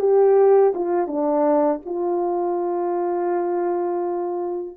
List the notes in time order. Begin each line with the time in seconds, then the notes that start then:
0.00 G4
0.75 F4
1.08 D4
1.85 F4